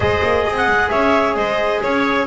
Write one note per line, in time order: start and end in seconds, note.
0.00 0.20 G#3
0.00 2.26 G#4
0.00 0.45 C5
0.00 0.54 D#5
0.22 0.45 A#3
0.45 0.66 C4
0.45 0.90 D#5
0.56 0.90 F#5
0.66 0.89 G#3
0.90 1.35 C#4
0.90 1.36 C#5
0.90 1.35 E5
1.35 1.81 G#3
1.35 1.81 C5
1.35 1.81 D#5
1.83 2.26 C#4
1.83 2.26 C#5